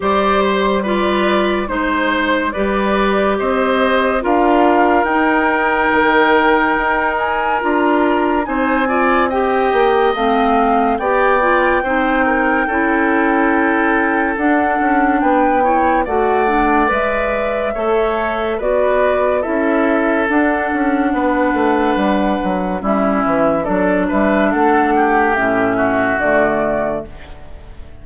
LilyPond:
<<
  \new Staff \with { instrumentName = "flute" } { \time 4/4 \tempo 4 = 71 d''8 c''8 d''4 c''4 d''4 | dis''4 f''4 g''2~ | g''8 gis''8 ais''4 gis''4 g''4 | f''4 g''2.~ |
g''4 fis''4 g''4 fis''4 | e''2 d''4 e''4 | fis''2. e''4 | d''8 e''8 fis''4 e''4 d''4 | }
  \new Staff \with { instrumentName = "oboe" } { \time 4/4 c''4 b'4 c''4 b'4 | c''4 ais'2.~ | ais'2 c''8 d''8 dis''4~ | dis''4 d''4 c''8 ais'8 a'4~ |
a'2 b'8 cis''8 d''4~ | d''4 cis''4 b'4 a'4~ | a'4 b'2 e'4 | a'8 b'8 a'8 g'4 fis'4. | }
  \new Staff \with { instrumentName = "clarinet" } { \time 4/4 g'4 f'4 dis'4 g'4~ | g'4 f'4 dis'2~ | dis'4 f'4 dis'8 f'8 g'4 | c'4 g'8 f'8 dis'4 e'4~ |
e'4 d'4. e'8 fis'8 d'8 | b'4 a'4 fis'4 e'4 | d'2. cis'4 | d'2 cis'4 a4 | }
  \new Staff \with { instrumentName = "bassoon" } { \time 4/4 g2 gis4 g4 | c'4 d'4 dis'4 dis4 | dis'4 d'4 c'4. ais8 | a4 b4 c'4 cis'4~ |
cis'4 d'8 cis'8 b4 a4 | gis4 a4 b4 cis'4 | d'8 cis'8 b8 a8 g8 fis8 g8 e8 | fis8 g8 a4 a,4 d4 | }
>>